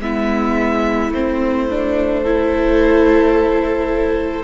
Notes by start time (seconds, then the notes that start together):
0.00 G#3 B3 E4 E5
1.11 A3 C4 C5
1.70 D4
2.23 E4 A4